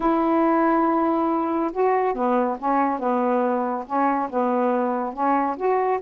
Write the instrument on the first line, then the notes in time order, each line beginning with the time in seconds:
saxophone
0.00 E4
1.72 F#4
2.14 B3
2.58 C#4
2.99 B3
3.86 C#4
4.29 B3
5.13 C#4
5.57 F#4